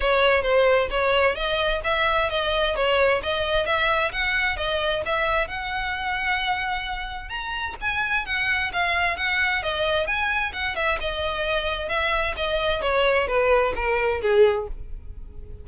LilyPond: \new Staff \with { instrumentName = "violin" } { \time 4/4 \tempo 4 = 131 cis''4 c''4 cis''4 dis''4 | e''4 dis''4 cis''4 dis''4 | e''4 fis''4 dis''4 e''4 | fis''1 |
ais''4 gis''4 fis''4 f''4 | fis''4 dis''4 gis''4 fis''8 e''8 | dis''2 e''4 dis''4 | cis''4 b'4 ais'4 gis'4 | }